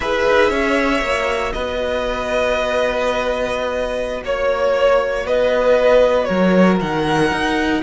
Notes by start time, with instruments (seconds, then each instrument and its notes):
0.00 cello E4, viola G#4, violin B4 E5
0.27 cello D#4
0.50 cello C#4, violin C#5
1.01 cello A#3, viola F#4
1.52 cello B3, violin B4 D#5
4.23 cello A#3, violin C#5
5.25 cello B3, violin B4 D#5
6.24 cello F#3, violin A#4 C#5
6.80 cello D#3, violin F#5
7.31 cello D#4